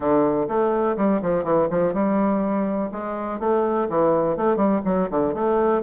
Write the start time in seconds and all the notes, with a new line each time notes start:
0.00 D3
0.48 A3
0.97 G3
1.22 F3
1.44 E3
1.69 F3
1.93 G3
2.91 G#3
3.39 A3
3.89 E3
4.36 A3
4.56 G3
4.85 F#3
5.10 D3
5.34 A3